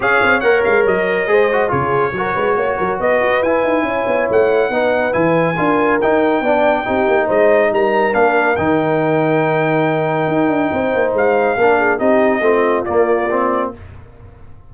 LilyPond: <<
  \new Staff \with { instrumentName = "trumpet" } { \time 4/4 \tempo 4 = 140 f''4 fis''8 f''8 dis''2 | cis''2. dis''4 | gis''2 fis''2 | gis''2 g''2~ |
g''4 dis''4 ais''4 f''4 | g''1~ | g''2 f''2 | dis''2 d''2 | }
  \new Staff \with { instrumentName = "horn" } { \time 4/4 cis''2. c''4 | gis'4 ais'8 b'8 cis''8 ais'8 b'4~ | b'4 cis''2 b'4~ | b'4 ais'2 d''4 |
g'4 c''4 ais'2~ | ais'1~ | ais'4 c''2 ais'8 gis'8 | g'4 f'2. | }
  \new Staff \with { instrumentName = "trombone" } { \time 4/4 gis'4 ais'2 gis'8 fis'8 | f'4 fis'2. | e'2. dis'4 | e'4 f'4 dis'4 d'4 |
dis'2. d'4 | dis'1~ | dis'2. d'4 | dis'4 c'4 ais4 c'4 | }
  \new Staff \with { instrumentName = "tuba" } { \time 4/4 cis'8 c'8 ais8 gis8 fis4 gis4 | cis4 fis8 gis8 ais8 fis8 b8 fis'8 | e'8 dis'8 cis'8 b8 a4 b4 | e4 d'4 dis'4 b4 |
c'8 ais8 gis4 g4 ais4 | dis1 | dis'8 d'8 c'8 ais8 gis4 ais4 | c'4 a4 ais2 | }
>>